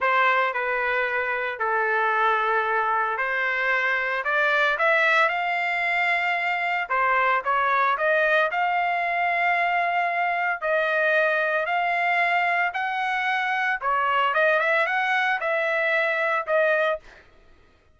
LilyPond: \new Staff \with { instrumentName = "trumpet" } { \time 4/4 \tempo 4 = 113 c''4 b'2 a'4~ | a'2 c''2 | d''4 e''4 f''2~ | f''4 c''4 cis''4 dis''4 |
f''1 | dis''2 f''2 | fis''2 cis''4 dis''8 e''8 | fis''4 e''2 dis''4 | }